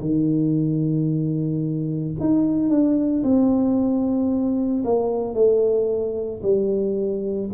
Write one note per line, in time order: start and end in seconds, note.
0.00 2.14 D#3
2.19 2.69 D#4
2.69 3.22 D4
3.23 4.84 C4
4.84 5.34 A#3
5.34 6.41 A3
6.42 7.49 G3